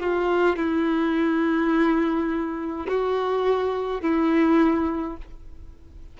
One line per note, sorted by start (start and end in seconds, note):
0.00 0.56 F4
0.56 2.87 E4
2.88 4.01 F#4
4.01 5.17 E4